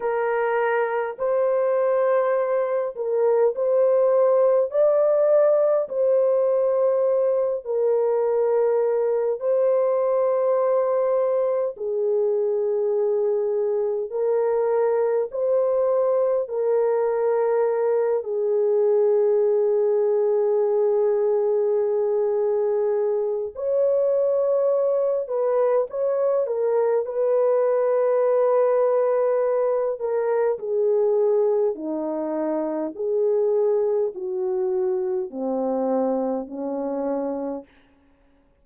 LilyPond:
\new Staff \with { instrumentName = "horn" } { \time 4/4 \tempo 4 = 51 ais'4 c''4. ais'8 c''4 | d''4 c''4. ais'4. | c''2 gis'2 | ais'4 c''4 ais'4. gis'8~ |
gis'1 | cis''4. b'8 cis''8 ais'8 b'4~ | b'4. ais'8 gis'4 dis'4 | gis'4 fis'4 c'4 cis'4 | }